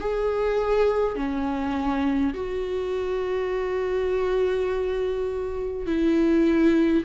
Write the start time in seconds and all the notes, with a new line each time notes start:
0.00 G#4
1.16 C#4
2.34 F#4
5.87 E4